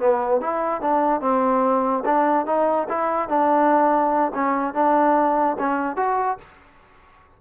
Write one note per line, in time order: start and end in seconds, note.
0.00 0.41 B3
0.41 0.82 E4
0.82 1.21 D4
1.21 2.04 C4
2.06 2.47 D4
2.47 2.88 D#4
2.89 3.29 E4
3.29 4.33 D4
4.35 4.75 C#4
4.75 5.57 D4
5.59 5.97 C#4
5.97 6.38 F#4